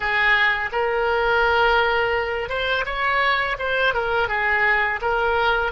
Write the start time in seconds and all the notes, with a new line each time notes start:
0.00 G#4
0.71 A#4
2.49 C5
2.85 C#5
3.58 C5
3.94 A#4
4.28 G#4
5.01 A#4